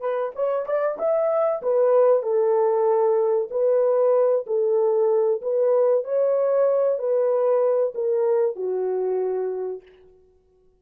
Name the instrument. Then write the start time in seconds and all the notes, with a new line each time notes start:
horn
0.00 B4
0.35 C#5
0.66 D5
0.98 E5
1.62 B4
2.22 A4
3.51 B4
4.46 A4
5.42 B4
6.04 C#5
6.98 B4
7.94 A#4
8.56 F#4